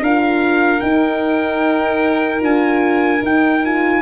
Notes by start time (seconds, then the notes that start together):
0.00 D4 F4 A#4 F5
0.80 D#4 G5
2.40 D4 F4 G#5
3.22 D#4 G5
3.65 F4 G#5